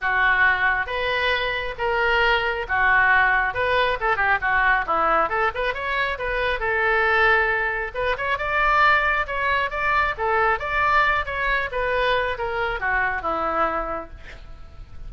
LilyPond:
\new Staff \with { instrumentName = "oboe" } { \time 4/4 \tempo 4 = 136 fis'2 b'2 | ais'2 fis'2 | b'4 a'8 g'8 fis'4 e'4 | a'8 b'8 cis''4 b'4 a'4~ |
a'2 b'8 cis''8 d''4~ | d''4 cis''4 d''4 a'4 | d''4. cis''4 b'4. | ais'4 fis'4 e'2 | }